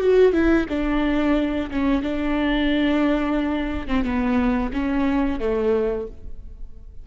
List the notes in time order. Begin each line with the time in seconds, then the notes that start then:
0.00 F#4
0.32 E4
0.69 D4
1.70 C#4
2.02 D4
3.87 C4
4.04 B3
4.73 C#4
5.39 A3